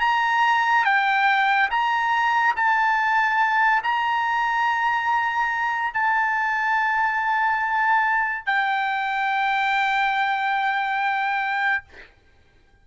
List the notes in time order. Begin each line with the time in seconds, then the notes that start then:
0.00 A#5
0.85 G5
1.71 A#5
2.56 A5
3.83 A#5
5.94 A5
8.46 G5